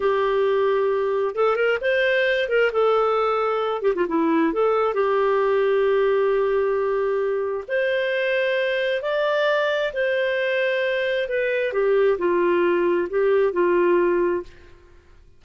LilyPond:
\new Staff \with { instrumentName = "clarinet" } { \time 4/4 \tempo 4 = 133 g'2. a'8 ais'8 | c''4. ais'8 a'2~ | a'8 g'16 f'16 e'4 a'4 g'4~ | g'1~ |
g'4 c''2. | d''2 c''2~ | c''4 b'4 g'4 f'4~ | f'4 g'4 f'2 | }